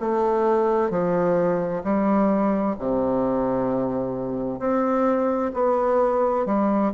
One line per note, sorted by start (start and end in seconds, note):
0.00 0.90 A3
0.90 1.83 F3
1.83 2.76 G3
2.79 4.59 C3
4.59 5.51 C4
5.53 6.46 B3
6.46 6.92 G3